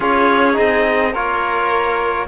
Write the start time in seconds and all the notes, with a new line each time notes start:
0.00 C#4 F4 G#4 C#5
0.53 C4 D#4 D#5
1.12 A#3 F4 A#4 C#5